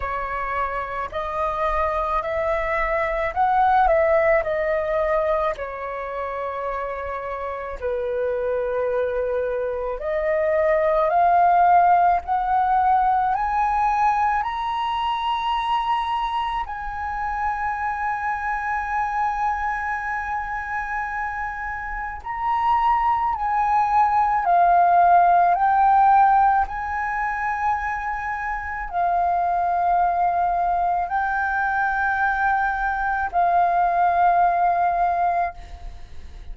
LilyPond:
\new Staff \with { instrumentName = "flute" } { \time 4/4 \tempo 4 = 54 cis''4 dis''4 e''4 fis''8 e''8 | dis''4 cis''2 b'4~ | b'4 dis''4 f''4 fis''4 | gis''4 ais''2 gis''4~ |
gis''1 | ais''4 gis''4 f''4 g''4 | gis''2 f''2 | g''2 f''2 | }